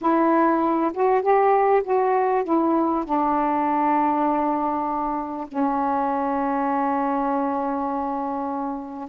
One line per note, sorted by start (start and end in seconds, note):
0.01 0.92 E4
0.93 1.21 F#4
1.21 1.82 G4
1.83 2.44 F#4
2.44 3.04 E4
3.04 5.47 D4
5.48 9.08 C#4